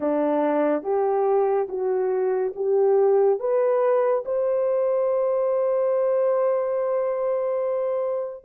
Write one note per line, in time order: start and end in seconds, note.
0.00 0.83 D4
0.83 1.67 G4
1.68 2.53 F#4
2.55 3.39 G4
3.39 4.24 B4
4.25 8.44 C5